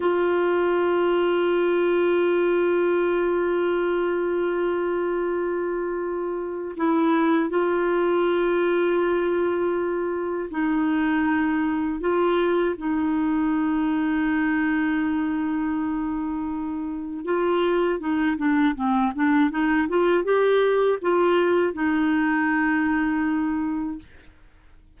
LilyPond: \new Staff \with { instrumentName = "clarinet" } { \time 4/4 \tempo 4 = 80 f'1~ | f'1~ | f'4 e'4 f'2~ | f'2 dis'2 |
f'4 dis'2.~ | dis'2. f'4 | dis'8 d'8 c'8 d'8 dis'8 f'8 g'4 | f'4 dis'2. | }